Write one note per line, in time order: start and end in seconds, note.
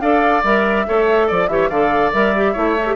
0.00 0.43 D4
0.00 0.43 A4
0.00 0.86 D5
0.00 0.43 F5
0.44 0.86 G3
0.44 0.86 A#4
0.44 1.28 E5
0.86 1.30 A3
0.86 1.49 A4
0.86 1.27 C#5
1.27 1.48 F3
1.27 1.49 D5
1.27 1.48 D5
1.48 1.69 E3
1.48 1.70 G4
1.48 1.69 C#5
1.48 1.69 E5
1.69 2.12 D3
1.69 2.12 A4
1.69 2.52 D5
1.69 2.11 F5
2.12 2.56 G3
2.12 2.34 A#4
2.12 2.96 E5
2.36 2.55 G4
2.52 2.96 A3
2.52 2.76 E4
2.52 2.95 C#5
2.79 2.87 A4
2.87 2.96 G4